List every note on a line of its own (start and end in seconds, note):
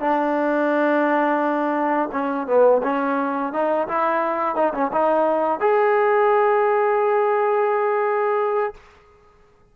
0.00 2.09 D4
2.12 2.47 C#4
2.47 2.82 B3
2.83 3.53 C#4
3.53 3.88 D#4
3.88 4.56 E4
4.56 4.73 D#4
4.74 4.91 C#4
4.92 5.60 D#4
5.60 8.74 G#4